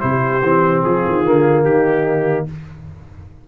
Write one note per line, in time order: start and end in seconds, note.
0.00 0.42 C3
0.00 0.42 E4
0.00 0.85 G4
0.00 0.82 C5
0.42 0.83 E3
0.42 1.25 C4
0.83 1.05 F3
0.83 1.66 F4
0.83 1.64 G#4
1.07 1.26 D#3
1.25 1.64 D3
1.25 2.47 A#3
1.64 2.46 D#3
1.64 2.48 D#4
1.64 2.46 G4